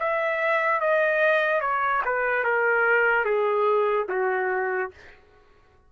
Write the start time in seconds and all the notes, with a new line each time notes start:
0.00 E5
0.81 D#5
1.61 C#5
2.05 B4
2.44 A#4
3.25 G#4
4.09 F#4